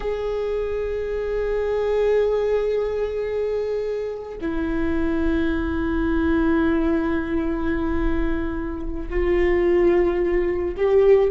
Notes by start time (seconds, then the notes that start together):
0.00 G#4
4.41 E4
9.10 F4
10.76 G4